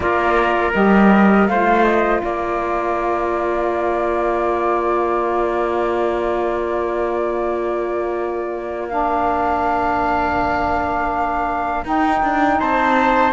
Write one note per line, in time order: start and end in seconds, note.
0.00 0.73 A#3
0.00 0.71 F4
0.00 1.50 A#4
0.00 0.72 D5
0.73 1.48 G3
0.73 1.48 G4
0.73 1.47 D#5
1.47 2.22 A3
1.47 8.89 F4
1.47 2.23 C5
1.47 1.83 F5
1.83 2.20 D#5
2.23 11.84 A#3
2.23 12.59 A#4
2.23 8.89 D5
8.89 11.84 D4
8.89 11.85 F5
11.84 13.32 D#4
11.84 12.21 D#4
11.84 12.59 G5
12.22 12.59 D4
12.59 13.32 C4
12.59 13.32 C5
12.59 13.32 A5